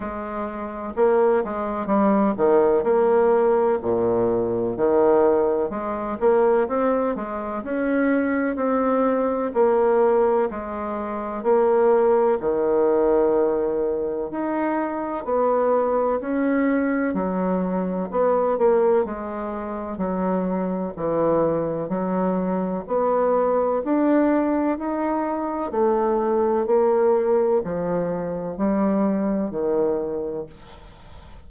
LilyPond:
\new Staff \with { instrumentName = "bassoon" } { \time 4/4 \tempo 4 = 63 gis4 ais8 gis8 g8 dis8 ais4 | ais,4 dis4 gis8 ais8 c'8 gis8 | cis'4 c'4 ais4 gis4 | ais4 dis2 dis'4 |
b4 cis'4 fis4 b8 ais8 | gis4 fis4 e4 fis4 | b4 d'4 dis'4 a4 | ais4 f4 g4 dis4 | }